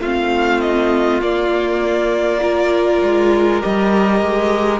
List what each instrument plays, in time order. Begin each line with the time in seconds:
0.00 cello A3, viola C4, violin F4 F5
0.60 violin D#5
1.21 viola A#3, cello A#3, violin D5
2.41 viola F4, violin A#4
3.03 cello G#3
3.61 cello G3, viola G4, violin D#5
4.21 cello G#3